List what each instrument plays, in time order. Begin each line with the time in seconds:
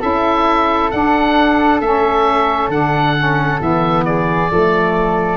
0.00 tuba C#4, saxophone E4, flute A4, oboe E5
0.91 saxophone D4, tuba D4, oboe F#5
1.81 tuba A3, saxophone C#4, oboe E5
2.68 tuba D3, saxophone D4, oboe F#5
3.17 saxophone C#4
3.60 tuba E3, saxophone B3, oboe E5
4.05 flute G#4, oboe D5
4.51 tuba F3, saxophone A3, flute A4